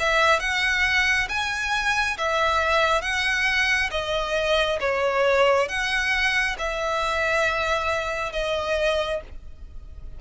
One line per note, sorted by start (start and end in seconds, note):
0.00 0.40 E5
0.40 1.28 F#5
1.30 2.18 G#5
2.18 3.02 E5
3.02 3.91 F#5
3.91 4.80 D#5
4.80 5.69 C#5
5.69 6.57 F#5
6.59 8.33 E5
8.33 9.21 D#5